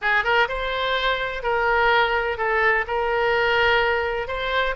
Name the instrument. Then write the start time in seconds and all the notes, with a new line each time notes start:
oboe
0.01 G#4
0.24 A#4
0.48 C5
1.43 A#4
2.37 A4
2.87 A#4
4.27 C5